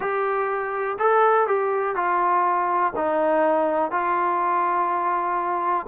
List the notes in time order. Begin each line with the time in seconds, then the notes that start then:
0.00 G4
0.99 A4
1.47 G4
1.95 F4
2.96 D#4
3.91 F4